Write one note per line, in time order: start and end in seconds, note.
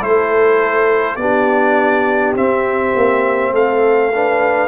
0.00 1.16 A3
0.00 1.18 E4
0.00 1.18 A4
0.00 1.16 C5
1.16 2.34 B3
1.16 2.36 D4
1.16 3.53 G4
1.16 2.33 D5
2.35 2.94 C4
2.35 4.12 C4
2.35 3.54 E5
2.95 3.51 A#3
3.51 4.68 A3
3.51 4.12 A4
3.51 4.68 F5
4.12 4.68 D4
4.12 4.68 B4